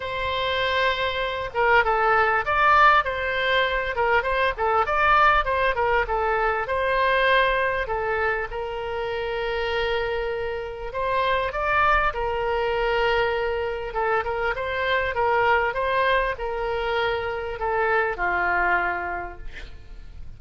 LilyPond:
\new Staff \with { instrumentName = "oboe" } { \time 4/4 \tempo 4 = 99 c''2~ c''8 ais'8 a'4 | d''4 c''4. ais'8 c''8 a'8 | d''4 c''8 ais'8 a'4 c''4~ | c''4 a'4 ais'2~ |
ais'2 c''4 d''4 | ais'2. a'8 ais'8 | c''4 ais'4 c''4 ais'4~ | ais'4 a'4 f'2 | }